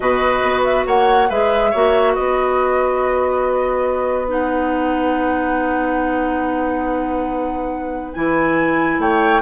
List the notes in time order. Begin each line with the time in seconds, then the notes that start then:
0.00 B2 F#4 B4 D#5
0.43 B3
0.64 E5
0.86 A#3 C#5 F#5
1.29 G#3 G#4 B4 E5
1.70 A#3 F#4 C#5
2.12 B3 B4 D#5
4.27 D#4 F#5
8.13 E3 E4 G#5
8.98 A3 C#5 G5